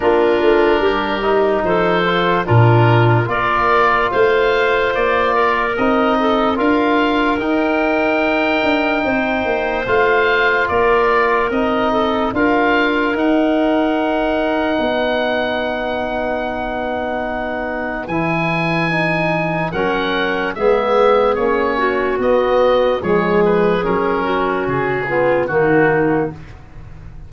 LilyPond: <<
  \new Staff \with { instrumentName = "oboe" } { \time 4/4 \tempo 4 = 73 ais'2 c''4 ais'4 | d''4 f''4 d''4 dis''4 | f''4 g''2. | f''4 d''4 dis''4 f''4 |
fis''1~ | fis''2 gis''2 | fis''4 e''4 cis''4 dis''4 | cis''8 b'8 ais'4 gis'4 fis'4 | }
  \new Staff \with { instrumentName = "clarinet" } { \time 4/4 f'4 g'4 a'4 f'4 | ais'4 c''4. ais'4 a'8 | ais'2. c''4~ | c''4 ais'4. a'8 ais'4~ |
ais'2 b'2~ | b'1 | ais'4 gis'4. fis'4. | gis'4. fis'4 f'8 dis'4 | }
  \new Staff \with { instrumentName = "trombone" } { \time 4/4 d'4. dis'4 f'8 d'4 | f'2. dis'4 | f'4 dis'2. | f'2 dis'4 f'4 |
dis'1~ | dis'2 e'4 dis'4 | cis'4 b4 cis'4 b4 | gis4 cis'4. b8 ais4 | }
  \new Staff \with { instrumentName = "tuba" } { \time 4/4 ais8 a8 g4 f4 ais,4 | ais4 a4 ais4 c'4 | d'4 dis'4. d'8 c'8 ais8 | a4 ais4 c'4 d'4 |
dis'2 b2~ | b2 e2 | fis4 gis4 ais4 b4 | f4 fis4 cis4 dis4 | }
>>